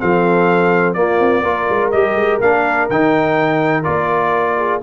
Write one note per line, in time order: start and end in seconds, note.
0.00 0.96 F3
0.00 0.97 C4
0.00 0.98 A4
0.00 0.94 F5
0.94 1.20 A#3
0.94 1.45 A#3
0.94 1.43 F4
0.94 1.90 D5
1.20 1.44 C4
1.43 1.68 A#3
1.43 1.93 F4
1.43 4.57 A#4
1.70 1.93 G#3
1.91 2.15 G3
1.91 2.42 G4
1.91 2.40 D#5
2.15 2.39 G#3
2.41 2.89 A#3
2.41 2.90 D4
2.41 2.90 F5
2.90 3.87 D#3
2.90 3.84 D#4
2.90 3.84 G5
3.84 4.83 A#3
3.84 4.81 F4
3.84 4.81 D5
4.58 4.82 G#4